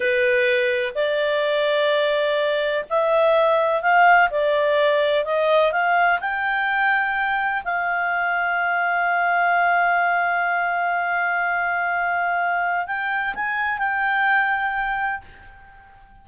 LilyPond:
\new Staff \with { instrumentName = "clarinet" } { \time 4/4 \tempo 4 = 126 b'2 d''2~ | d''2 e''2 | f''4 d''2 dis''4 | f''4 g''2. |
f''1~ | f''1~ | f''2. g''4 | gis''4 g''2. | }